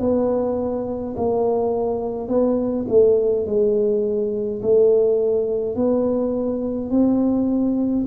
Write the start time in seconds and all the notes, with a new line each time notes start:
0.00 B3
1.17 A#3
2.29 B3
2.89 A3
3.47 G#3
4.63 A3
5.76 B3
6.91 C4